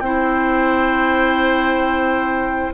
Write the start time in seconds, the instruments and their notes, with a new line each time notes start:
0.00 bassoon C4, clarinet E4, oboe C5, flute G5